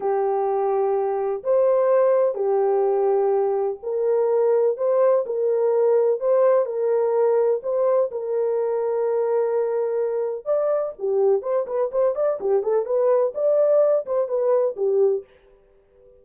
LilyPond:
\new Staff \with { instrumentName = "horn" } { \time 4/4 \tempo 4 = 126 g'2. c''4~ | c''4 g'2. | ais'2 c''4 ais'4~ | ais'4 c''4 ais'2 |
c''4 ais'2.~ | ais'2 d''4 g'4 | c''8 b'8 c''8 d''8 g'8 a'8 b'4 | d''4. c''8 b'4 g'4 | }